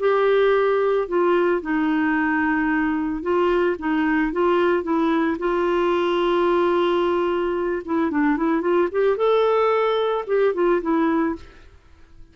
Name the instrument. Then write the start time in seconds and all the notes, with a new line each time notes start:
clarinet
0.00 G4
1.08 F4
1.62 D#4
3.23 F4
3.79 D#4
4.33 F4
4.84 E4
5.39 F4
7.86 E4
8.11 D4
8.37 E4
8.61 F4
8.92 G4
9.17 A4
10.27 G4
10.54 F4
10.82 E4